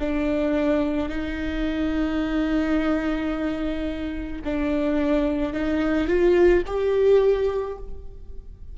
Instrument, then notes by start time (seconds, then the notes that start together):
viola
0.00 D4
1.09 D#4
4.44 D4
5.54 D#4
6.08 F4
6.67 G4